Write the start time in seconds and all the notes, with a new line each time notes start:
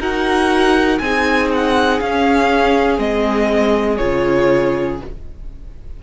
0.00 D#4 F#4 A#4 F#5
0.99 C4 D#4 G#4 G#5
1.54 F#5
2.01 C#4 F5
2.98 G#3 C4 D#5
3.98 C#3 F4 C#5